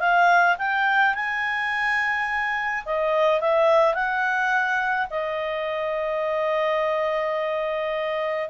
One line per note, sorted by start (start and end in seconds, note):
0.00 0.57 F5
0.58 1.15 G5
1.15 2.85 G#5
2.86 3.41 D#5
3.41 3.94 E5
3.94 5.08 F#5
5.10 8.50 D#5